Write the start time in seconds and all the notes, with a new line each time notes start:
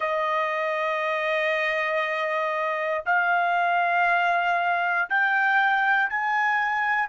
0.00 D#5
3.05 F5
5.09 G5
6.09 G#5